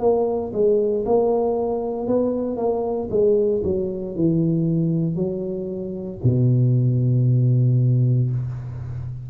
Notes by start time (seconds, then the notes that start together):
0.00 A#3
0.53 G#3
1.05 A#3
2.07 B3
2.56 A#3
3.10 G#3
3.63 F#3
4.15 E3
5.15 F#3
6.23 B2